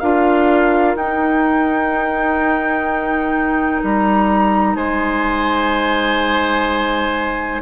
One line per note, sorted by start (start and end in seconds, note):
0.00 0.96 D4
0.00 0.97 F4
0.00 4.76 A#4
0.00 0.95 F5
0.96 3.82 D#4
0.96 7.63 D#4
0.96 3.83 G5
3.84 4.76 G3
3.84 4.76 A#5
4.76 7.61 G#3
4.76 7.62 C5
4.76 7.61 G#5